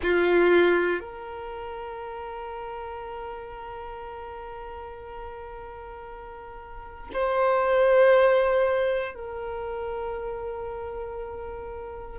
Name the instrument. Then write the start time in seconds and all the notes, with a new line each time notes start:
violin
0.02 F4
1.00 A#4
7.13 C5
9.14 A#4